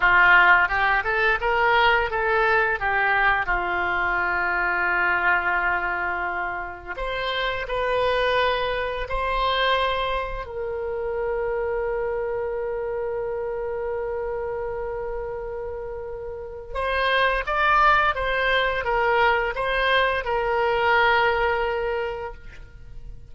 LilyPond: \new Staff \with { instrumentName = "oboe" } { \time 4/4 \tempo 4 = 86 f'4 g'8 a'8 ais'4 a'4 | g'4 f'2.~ | f'2 c''4 b'4~ | b'4 c''2 ais'4~ |
ais'1~ | ais'1 | c''4 d''4 c''4 ais'4 | c''4 ais'2. | }